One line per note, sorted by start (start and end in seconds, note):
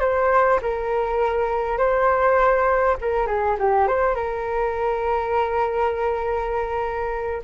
0.00 0.59 C5
0.62 1.77 A#4
1.77 2.96 C5
3.01 3.26 A#4
3.26 3.56 G#4
3.59 3.87 G4
3.87 4.15 C5
4.15 7.41 A#4